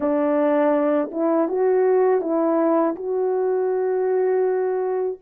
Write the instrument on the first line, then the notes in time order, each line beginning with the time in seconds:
horn
0.00 D4
1.11 E4
1.48 F#4
2.21 E4
2.95 F#4